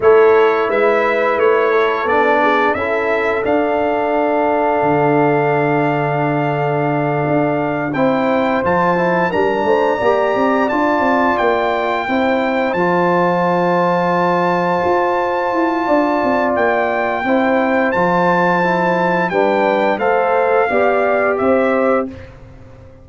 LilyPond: <<
  \new Staff \with { instrumentName = "trumpet" } { \time 4/4 \tempo 4 = 87 cis''4 e''4 cis''4 d''4 | e''4 f''2.~ | f''2.~ f''8 g''8~ | g''8 a''4 ais''2 a''8~ |
a''8 g''2 a''4.~ | a''1 | g''2 a''2 | g''4 f''2 e''4 | }
  \new Staff \with { instrumentName = "horn" } { \time 4/4 a'4 b'4. a'4 gis'8 | a'1~ | a'2.~ a'8 c''8~ | c''4. ais'8 c''8 d''4.~ |
d''4. c''2~ c''8~ | c''2. d''4~ | d''4 c''2. | b'4 c''4 d''4 c''4 | }
  \new Staff \with { instrumentName = "trombone" } { \time 4/4 e'2. d'4 | e'4 d'2.~ | d'2.~ d'8 e'8~ | e'8 f'8 e'8 d'4 g'4 f'8~ |
f'4. e'4 f'4.~ | f'1~ | f'4 e'4 f'4 e'4 | d'4 a'4 g'2 | }
  \new Staff \with { instrumentName = "tuba" } { \time 4/4 a4 gis4 a4 b4 | cis'4 d'2 d4~ | d2~ d8 d'4 c'8~ | c'8 f4 g8 a8 ais8 c'8 d'8 |
c'8 ais4 c'4 f4.~ | f4. f'4 e'8 d'8 c'8 | ais4 c'4 f2 | g4 a4 b4 c'4 | }
>>